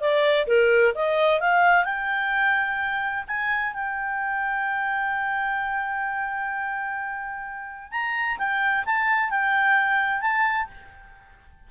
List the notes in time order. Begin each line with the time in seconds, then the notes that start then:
0.00 D5
0.47 A#4
0.94 D#5
1.40 F5
1.84 G5
3.27 G#5
3.73 G5
7.91 A#5
8.38 G5
8.85 A5
9.30 G5
10.21 A5